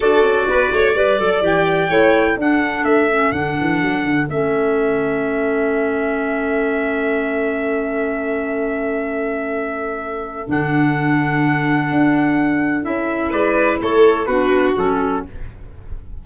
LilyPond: <<
  \new Staff \with { instrumentName = "trumpet" } { \time 4/4 \tempo 4 = 126 d''2. g''4~ | g''4 fis''4 e''4 fis''4~ | fis''4 e''2.~ | e''1~ |
e''1~ | e''2 fis''2~ | fis''2. e''4 | d''4 cis''4 b'4 a'4 | }
  \new Staff \with { instrumentName = "violin" } { \time 4/4 a'4 b'8 cis''8 d''2 | cis''4 a'2.~ | a'1~ | a'1~ |
a'1~ | a'1~ | a'1 | b'4 a'4 fis'2 | }
  \new Staff \with { instrumentName = "clarinet" } { \time 4/4 fis'2 b'8 a'8 g'4 | e'4 d'4. cis'8 d'4~ | d'4 cis'2.~ | cis'1~ |
cis'1~ | cis'2 d'2~ | d'2. e'4~ | e'2 d'4 cis'4 | }
  \new Staff \with { instrumentName = "tuba" } { \time 4/4 d'8 cis'8 b8 a8 g8 fis8 e4 | a4 d'4 a4 d8 e8 | fis8 d8 a2.~ | a1~ |
a1~ | a2 d2~ | d4 d'2 cis'4 | gis4 a4 b4 fis4 | }
>>